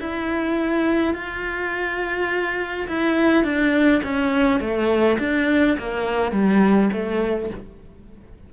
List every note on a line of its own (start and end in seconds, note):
0.00 1.14 E4
1.14 2.87 F4
2.87 3.44 E4
3.44 4.01 D4
4.03 4.60 C#4
4.60 5.18 A3
5.19 5.76 D4
5.78 6.31 A#3
6.31 6.89 G3
6.92 7.50 A3